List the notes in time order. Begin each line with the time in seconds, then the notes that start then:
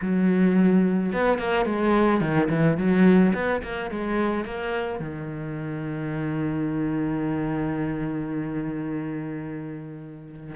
0.01 F#3
1.12 B3
1.38 A#3
1.65 G#3
2.20 D#3
2.49 E3
2.77 F#3
3.34 B3
3.62 A#3
3.90 G#3
4.44 A#3
4.99 D#3